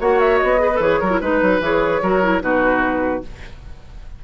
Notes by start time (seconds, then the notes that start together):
0.00 A#3 F#4 C#5 F#5
0.19 E5
0.38 B3 D#5
0.59 G#4 B4
0.75 E3 A4 C#5
0.83 G#4
1.00 F#3 F#4 A#4
1.10 E4
1.21 G#3 D#4 B4
1.42 F#3
1.60 E3 G#4 C#5
2.02 F#3 F#4 A#4
2.23 E4
2.41 B2 D#4 F#4 B4